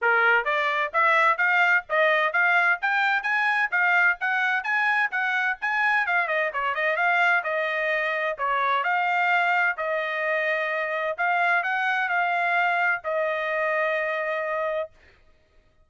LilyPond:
\new Staff \with { instrumentName = "trumpet" } { \time 4/4 \tempo 4 = 129 ais'4 d''4 e''4 f''4 | dis''4 f''4 g''4 gis''4 | f''4 fis''4 gis''4 fis''4 | gis''4 f''8 dis''8 cis''8 dis''8 f''4 |
dis''2 cis''4 f''4~ | f''4 dis''2. | f''4 fis''4 f''2 | dis''1 | }